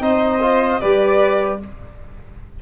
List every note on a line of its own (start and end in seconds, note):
0.00 0.80 C4
0.00 0.39 D#4
0.00 0.80 C5
0.00 0.81 D#5
0.41 0.80 F4
0.80 1.62 G3
0.80 1.60 G4
0.80 1.59 B4
0.80 1.60 D5